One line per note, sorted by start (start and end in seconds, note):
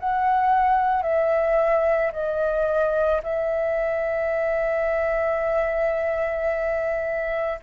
0.00 1.03 F#5
1.03 2.12 E5
2.13 3.22 D#5
3.24 7.60 E5